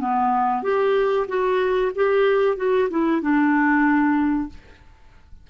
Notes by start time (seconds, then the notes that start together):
0.00 B3
0.62 G4
1.28 F#4
1.95 G4
2.56 F#4
2.90 E4
3.21 D4